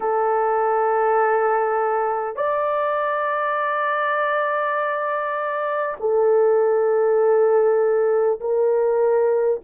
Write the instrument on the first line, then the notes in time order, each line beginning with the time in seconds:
horn
0.00 A4
2.36 D5
6.00 A4
8.40 A#4